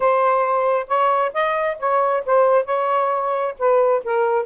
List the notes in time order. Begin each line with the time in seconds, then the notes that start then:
0.00 C5
0.87 C#5
1.33 D#5
1.79 C#5
2.25 C5
2.65 C#5
3.59 B4
4.03 A#4